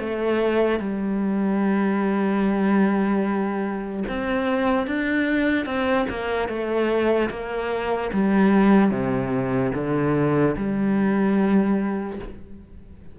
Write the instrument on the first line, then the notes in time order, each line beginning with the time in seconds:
cello
0.00 A3
0.80 G3
4.09 C4
4.87 D4
5.66 C4
6.10 A#3
6.49 A3
7.30 A#3
8.13 G3
8.91 C3
9.75 D3
10.57 G3